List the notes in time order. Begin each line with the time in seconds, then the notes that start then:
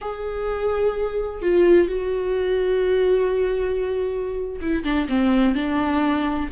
0.01 G#4
1.42 F4
1.88 F#4
4.61 E4
4.84 D4
5.09 C4
5.54 D4